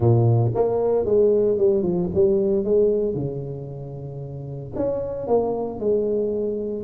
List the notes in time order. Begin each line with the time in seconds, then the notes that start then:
0.00 A#2
0.54 A#3
1.05 G#3
1.57 G3
1.83 F3
2.14 G3
2.64 G#3
3.14 C#3
4.75 C#4
5.27 A#3
5.79 G#3